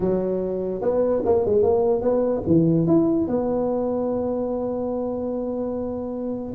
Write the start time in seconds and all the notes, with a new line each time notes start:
0.00 F#3
0.81 B3
1.25 A#3
1.45 G#3
1.63 A#3
2.01 B3
2.47 E3
2.87 E4
3.27 B3